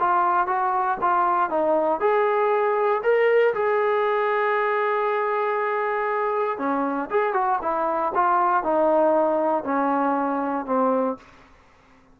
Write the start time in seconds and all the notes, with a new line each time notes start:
0.00 F4
0.47 F#4
1.01 F4
1.50 D#4
2.00 G#4
3.03 A#4
3.54 G#4
6.58 C#4
7.10 G#4
7.34 F#4
7.62 E4
8.15 F4
8.63 D#4
9.64 C#4
10.66 C4